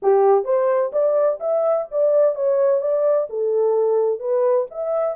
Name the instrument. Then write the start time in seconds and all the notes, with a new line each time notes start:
horn
0.02 G4
0.44 C5
0.92 D5
1.40 E5
1.91 D5
2.35 C#5
2.80 D5
3.29 A4
4.19 B4
4.70 E5